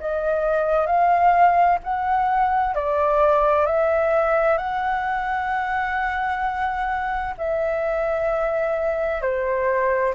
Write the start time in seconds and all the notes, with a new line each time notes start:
0.00 D#5
0.86 F5
1.84 F#5
2.75 D5
3.66 E5
4.57 F#5
7.38 E5
9.21 C5